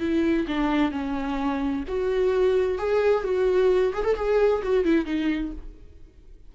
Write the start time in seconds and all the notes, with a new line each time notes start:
0.00 E4
0.47 D4
0.91 C#4
1.88 F#4
2.78 G#4
3.24 F#4
3.94 G#4
4.04 A4
4.16 G#4
4.63 F#4
4.85 E4
5.06 D#4